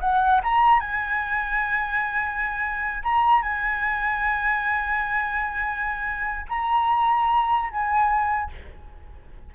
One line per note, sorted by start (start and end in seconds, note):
0.00 0.41 F#5
0.43 0.80 A#5
0.80 3.03 G#5
3.03 3.42 A#5
3.42 6.46 G#5
6.49 7.70 A#5
7.70 8.51 G#5